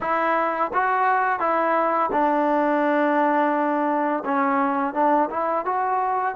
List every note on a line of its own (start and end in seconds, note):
0.00 0.71 E4
0.73 1.39 F#4
1.39 2.10 E4
2.12 4.24 D4
4.24 4.93 C#4
4.93 5.29 D4
5.30 5.65 E4
5.65 6.35 F#4